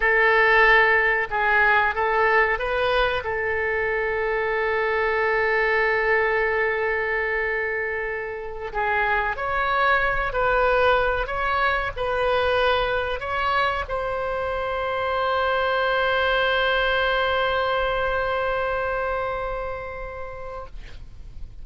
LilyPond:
\new Staff \with { instrumentName = "oboe" } { \time 4/4 \tempo 4 = 93 a'2 gis'4 a'4 | b'4 a'2.~ | a'1~ | a'4. gis'4 cis''4. |
b'4. cis''4 b'4.~ | b'8 cis''4 c''2~ c''8~ | c''1~ | c''1 | }